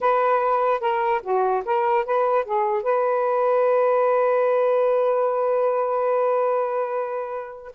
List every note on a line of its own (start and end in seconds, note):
0.01 0.80 B4
0.80 1.21 A#4
1.22 1.63 F#4
1.65 2.05 A#4
2.05 2.45 B4
2.45 2.82 G#4
2.82 7.72 B4